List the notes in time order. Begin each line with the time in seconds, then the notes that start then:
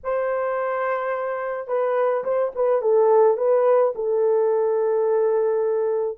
0.03 C5
1.67 B4
2.24 C5
2.55 B4
2.81 A4
3.37 B4
3.95 A4